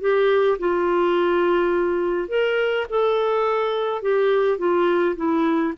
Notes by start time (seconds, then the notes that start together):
0.00 G4
0.58 F4
2.28 A#4
2.89 A4
4.01 G4
4.58 F4
5.16 E4